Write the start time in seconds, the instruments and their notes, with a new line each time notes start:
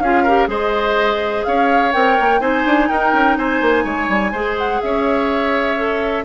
0.00 bassoon C#4, clarinet F4, oboe G#4, flute F5
0.23 clarinet G4, oboe A#4
0.48 bassoon G#3, clarinet G#4, oboe C5, flute D#5
1.44 bassoon C#4, oboe C#5, flute F5
1.93 bassoon C4, clarinet A#4, flute G5
2.20 bassoon A#3
2.41 bassoon C4, clarinet D#4, oboe C5, flute G#5
2.66 bassoon D4
2.89 bassoon D#4, oboe A#4, flute G5
3.13 bassoon C#4
3.38 bassoon C4, oboe C5, flute G#5
3.62 bassoon A#3
3.84 bassoon G#3, oboe C#5
4.09 bassoon G3
4.32 bassoon G#3, clarinet G#4, oboe C5
4.58 flute F#5
4.81 bassoon C#4, oboe C#5, flute E5
5.78 clarinet A4